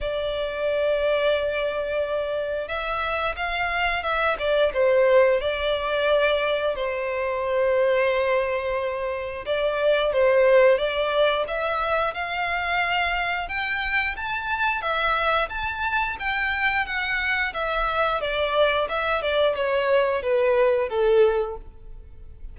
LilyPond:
\new Staff \with { instrumentName = "violin" } { \time 4/4 \tempo 4 = 89 d''1 | e''4 f''4 e''8 d''8 c''4 | d''2 c''2~ | c''2 d''4 c''4 |
d''4 e''4 f''2 | g''4 a''4 e''4 a''4 | g''4 fis''4 e''4 d''4 | e''8 d''8 cis''4 b'4 a'4 | }